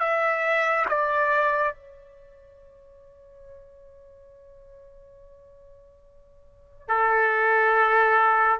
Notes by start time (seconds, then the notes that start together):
0.00 E5
0.89 D5
1.74 C#5
6.88 A4